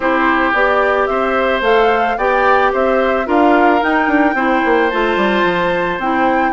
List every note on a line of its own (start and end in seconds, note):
0.00 0.51 C4
0.00 0.55 E4
0.00 1.09 G4
0.00 0.53 C5
0.53 1.08 B3
0.53 1.62 G4
0.53 1.06 D5
1.06 1.61 C4
1.06 2.17 C5
1.06 1.61 E5
1.61 2.15 A3
1.61 2.17 A4
1.61 2.17 F5
2.17 2.72 B3
2.17 3.25 G4
2.17 2.72 D5
2.17 2.72 G5
2.72 3.27 C4
2.72 3.26 C5
2.72 3.28 E5
3.25 3.81 D4
3.25 3.80 F4
3.25 4.35 A#4
3.25 3.83 F5
3.80 4.35 D#4
3.80 4.07 D#4
3.80 4.90 G5
4.07 4.34 D4
4.34 4.61 C4
4.34 4.90 E4
4.34 6.52 C5
4.64 4.92 A#3
4.90 5.16 A3
4.90 6.00 F4
4.90 5.99 A5
5.16 5.43 G3
5.43 5.98 F3
5.98 6.52 C4
5.98 6.52 E4
5.98 6.52 G5